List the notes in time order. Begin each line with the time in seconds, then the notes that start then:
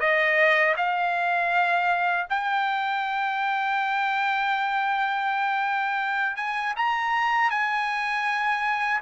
0.00 D#5
0.77 F5
2.30 G5
6.37 G#5
6.77 A#5
7.51 G#5